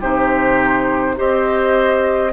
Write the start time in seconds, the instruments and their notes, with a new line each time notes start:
0.00 bassoon C3, clarinet D#4, oboe G4, flute C5
1.16 bassoon C4, clarinet G4, oboe C5, flute D#5